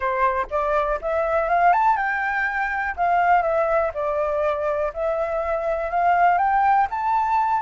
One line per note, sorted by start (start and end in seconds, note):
0.00 0.46 C5
0.50 0.99 D5
1.01 1.48 E5
1.48 1.72 F5
1.72 1.96 A5
1.96 2.95 G5
2.96 3.42 F5
3.42 3.91 E5
3.94 4.92 D5
4.93 5.90 E5
5.90 6.38 F5
6.38 6.87 G5
6.90 7.62 A5